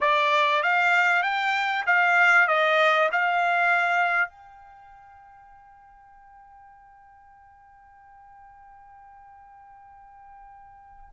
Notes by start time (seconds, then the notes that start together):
0.00 D5
0.62 F5
1.23 G5
1.86 F5
2.47 D#5
3.12 F5
4.28 G5